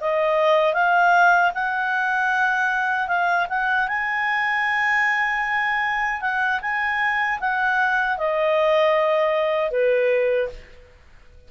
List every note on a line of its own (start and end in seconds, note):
0.00 0.73 D#5
0.73 1.51 F5
1.54 3.07 F#5
3.07 3.46 F5
3.49 3.87 F#5
3.87 6.21 G#5
6.21 6.60 F#5
6.61 7.39 G#5
7.40 8.17 F#5
8.17 9.70 D#5
9.70 10.48 B4